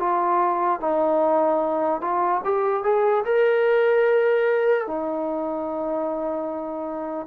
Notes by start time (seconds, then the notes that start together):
0.00 F4
0.81 D#4
2.01 F4
2.45 G4
2.84 G#4
3.25 A#4
4.87 D#4